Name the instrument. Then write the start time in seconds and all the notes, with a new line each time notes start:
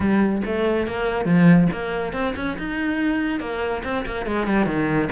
cello
0.00 G3
0.45 A3
0.87 A#3
1.25 F3
1.72 A#3
2.12 C4
2.36 C#4
2.58 D#4
3.40 A#3
3.84 C4
4.06 A#3
4.26 G#3
4.46 G3
4.66 D#3